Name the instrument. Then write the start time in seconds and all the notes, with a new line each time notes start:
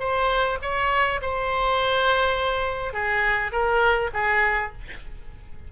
oboe
0.00 C5
0.62 C#5
1.22 C5
2.94 G#4
3.52 A#4
4.14 G#4